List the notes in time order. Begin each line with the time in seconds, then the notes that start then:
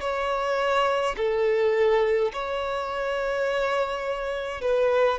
0.00 C#5
1.16 A4
2.32 C#5
4.61 B4